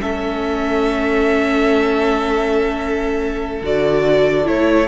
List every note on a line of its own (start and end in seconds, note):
0.00 3.62 A3
0.00 3.62 C#4
0.00 4.88 A4
0.00 3.63 E5
3.62 4.47 D3
3.62 4.44 F#4
3.62 4.47 D5
4.44 4.88 A3
4.44 4.87 E4
4.44 4.88 C#5